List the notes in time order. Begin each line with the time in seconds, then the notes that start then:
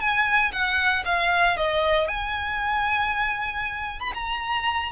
0.00 G#5
0.52 F#5
1.05 F5
1.57 D#5
2.08 G#5
4.00 B5
4.14 A#5